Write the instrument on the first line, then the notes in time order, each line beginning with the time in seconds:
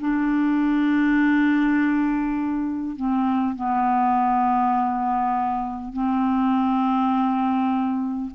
clarinet
0.00 D4
2.96 C4
3.55 B3
5.93 C4